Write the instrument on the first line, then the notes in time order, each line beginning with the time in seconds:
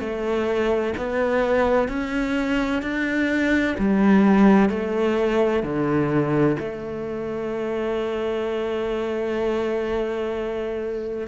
cello
0.00 A3
0.97 B3
1.89 C#4
2.83 D4
3.78 G3
4.70 A3
5.63 D3
6.60 A3